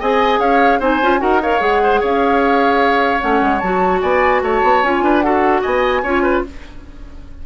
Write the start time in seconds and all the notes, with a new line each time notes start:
0.00 C4 G#4 D#5 G#5
0.39 C#4 C#5 F5
0.80 C4 D#4 C5 G#5
1.02 C#4 F4
1.19 D#4 F#4 A#4 F#5
1.42 A#4 C#5 F5
1.60 G#3 G#4 F#5
1.83 C5
2.01 C#4 C#5 F5
3.19 A3 C#4 F#5
3.42 G#3
3.60 F#3 F#4 A5
4.02 B3 D5 G#5
4.42 A3 C#5 A5
4.63 B3
4.83 C#4 F4 G#5
5.02 D4 B4
5.22 F#4 A4 F#5
5.62 B3 D#5 G#5
6.03 C#4 F4 C#5
6.23 B4